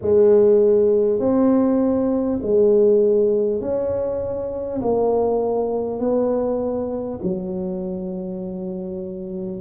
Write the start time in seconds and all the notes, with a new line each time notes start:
0.01 G#3
1.19 C4
2.42 G#3
3.61 C#4
4.81 A#3
5.99 B3
7.23 F#3